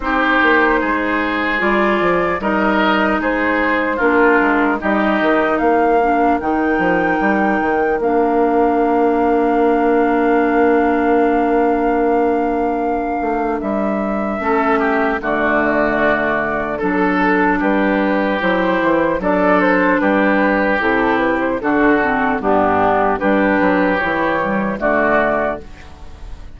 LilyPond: <<
  \new Staff \with { instrumentName = "flute" } { \time 4/4 \tempo 4 = 75 c''2 d''4 dis''4 | c''4 ais'4 dis''4 f''4 | g''2 f''2~ | f''1~ |
f''4 e''2 d''4~ | d''4 a'4 b'4 c''4 | d''8 c''8 b'4 a'8 b'16 c''16 a'4 | g'4 b'4 cis''4 d''4 | }
  \new Staff \with { instrumentName = "oboe" } { \time 4/4 g'4 gis'2 ais'4 | gis'4 f'4 g'4 ais'4~ | ais'1~ | ais'1~ |
ais'2 a'8 g'8 fis'4~ | fis'4 a'4 g'2 | a'4 g'2 fis'4 | d'4 g'2 fis'4 | }
  \new Staff \with { instrumentName = "clarinet" } { \time 4/4 dis'2 f'4 dis'4~ | dis'4 d'4 dis'4. d'8 | dis'2 d'2~ | d'1~ |
d'2 cis'4 a4~ | a4 d'2 e'4 | d'2 e'4 d'8 c'8 | b4 d'4 e'8 g8 a4 | }
  \new Staff \with { instrumentName = "bassoon" } { \time 4/4 c'8 ais8 gis4 g8 f8 g4 | gis4 ais8 gis8 g8 dis8 ais4 | dis8 f8 g8 dis8 ais2~ | ais1~ |
ais8 a8 g4 a4 d4~ | d4 fis4 g4 fis8 e8 | fis4 g4 c4 d4 | g,4 g8 fis8 e4 d4 | }
>>